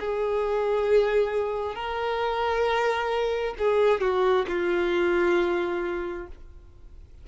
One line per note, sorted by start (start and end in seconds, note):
0.00 1.76 G#4
1.76 3.55 A#4
3.59 4.01 G#4
4.01 4.46 F#4
4.48 6.27 F4